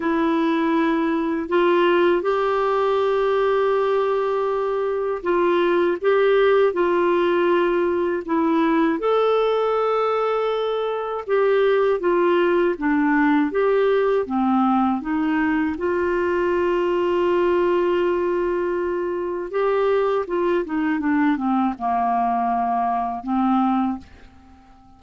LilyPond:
\new Staff \with { instrumentName = "clarinet" } { \time 4/4 \tempo 4 = 80 e'2 f'4 g'4~ | g'2. f'4 | g'4 f'2 e'4 | a'2. g'4 |
f'4 d'4 g'4 c'4 | dis'4 f'2.~ | f'2 g'4 f'8 dis'8 | d'8 c'8 ais2 c'4 | }